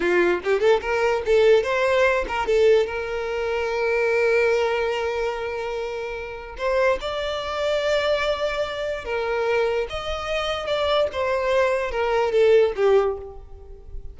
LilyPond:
\new Staff \with { instrumentName = "violin" } { \time 4/4 \tempo 4 = 146 f'4 g'8 a'8 ais'4 a'4 | c''4. ais'8 a'4 ais'4~ | ais'1~ | ais'1 |
c''4 d''2.~ | d''2 ais'2 | dis''2 d''4 c''4~ | c''4 ais'4 a'4 g'4 | }